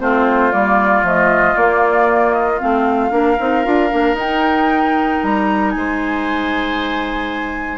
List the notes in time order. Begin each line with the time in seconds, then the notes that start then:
0.00 A3 C4 F4 C5
0.52 G3 A#3 D5
1.03 F3 A3 D#5
1.57 A#3 D5
2.33 D#5
2.60 A3 C4 F5
3.11 A#3 D4 A#4
3.39 C4 D#4
3.65 D4 F4
3.89 A#3 D4
4.14 D#4 G5
5.23 G3 A#5
5.71 G#3 G#5
5.77 C5